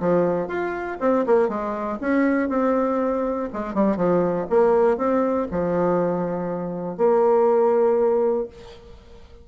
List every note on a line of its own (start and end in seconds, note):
0.00 0.47 F3
0.47 0.97 F4
1.00 1.25 C4
1.26 1.48 A#3
1.48 1.98 G#3
2.00 2.49 C#4
2.49 3.49 C4
3.53 3.74 G#3
3.74 3.96 G3
3.96 4.46 F3
4.49 4.97 A#3
4.97 5.47 C4
5.50 6.97 F3
6.97 8.47 A#3